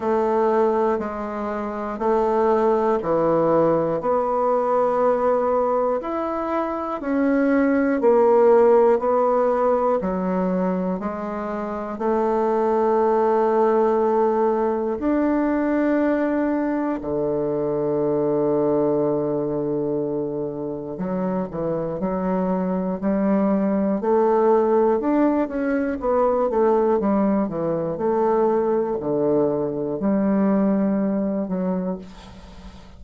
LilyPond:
\new Staff \with { instrumentName = "bassoon" } { \time 4/4 \tempo 4 = 60 a4 gis4 a4 e4 | b2 e'4 cis'4 | ais4 b4 fis4 gis4 | a2. d'4~ |
d'4 d2.~ | d4 fis8 e8 fis4 g4 | a4 d'8 cis'8 b8 a8 g8 e8 | a4 d4 g4. fis8 | }